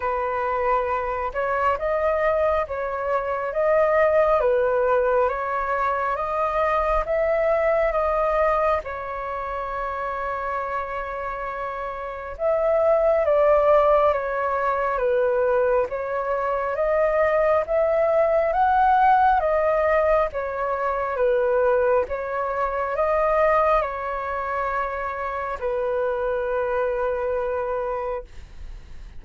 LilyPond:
\new Staff \with { instrumentName = "flute" } { \time 4/4 \tempo 4 = 68 b'4. cis''8 dis''4 cis''4 | dis''4 b'4 cis''4 dis''4 | e''4 dis''4 cis''2~ | cis''2 e''4 d''4 |
cis''4 b'4 cis''4 dis''4 | e''4 fis''4 dis''4 cis''4 | b'4 cis''4 dis''4 cis''4~ | cis''4 b'2. | }